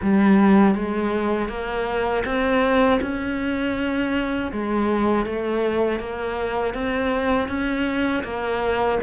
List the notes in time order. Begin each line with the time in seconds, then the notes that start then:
0.02 G3
0.74 G#3
1.48 A#3
2.25 C4
3.01 C#4
4.51 G#3
5.25 A3
5.99 A#3
6.73 C4
7.48 C#4
8.23 A#3